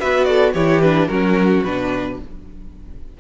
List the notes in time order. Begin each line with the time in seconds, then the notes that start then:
0.00 B3 F#4 B4 E5
0.25 A4 D5
0.54 E3 E4 G4 C#5
0.81 D4 B4
1.07 F#3 C#4 F#4 A#4
1.64 B2 D4 B4